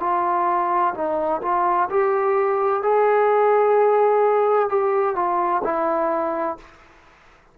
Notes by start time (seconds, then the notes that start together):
0.00 F4
0.94 D#4
1.42 F4
1.90 G4
2.83 G#4
4.69 G4
5.16 F4
5.64 E4